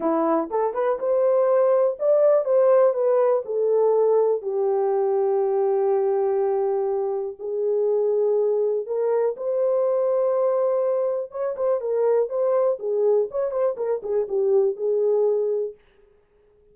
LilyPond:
\new Staff \with { instrumentName = "horn" } { \time 4/4 \tempo 4 = 122 e'4 a'8 b'8 c''2 | d''4 c''4 b'4 a'4~ | a'4 g'2.~ | g'2. gis'4~ |
gis'2 ais'4 c''4~ | c''2. cis''8 c''8 | ais'4 c''4 gis'4 cis''8 c''8 | ais'8 gis'8 g'4 gis'2 | }